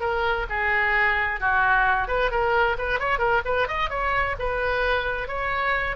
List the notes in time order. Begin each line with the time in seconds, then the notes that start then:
0.00 A#4
0.49 G#4
1.40 F#4
2.08 B4
2.31 A#4
2.78 B4
2.99 C#5
3.18 A#4
3.45 B4
3.67 D#5
3.90 C#5
4.39 B4
5.28 C#5